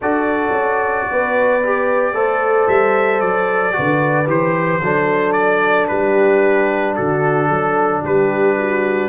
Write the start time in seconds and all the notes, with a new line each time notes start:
0.01 D4 F#4 A4 D5
0.52 C#4
1.10 B3 B4
1.63 G4
2.13 A3 A4 C5
2.67 G3 E5
3.20 F#3 D5
3.71 F#4 B4
3.78 D3
4.26 E3 G4 C5
4.82 F#3 D4 A4
5.32 D5
5.87 G3 G4 B4
6.95 D3 F#4 A4
7.47 F#3 A4
8.02 G3 G4 B4
8.57 F#4